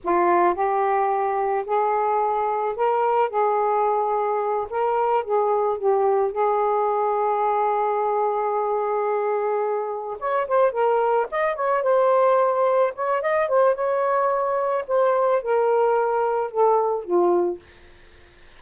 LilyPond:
\new Staff \with { instrumentName = "saxophone" } { \time 4/4 \tempo 4 = 109 f'4 g'2 gis'4~ | gis'4 ais'4 gis'2~ | gis'8 ais'4 gis'4 g'4 gis'8~ | gis'1~ |
gis'2~ gis'8 cis''8 c''8 ais'8~ | ais'8 dis''8 cis''8 c''2 cis''8 | dis''8 c''8 cis''2 c''4 | ais'2 a'4 f'4 | }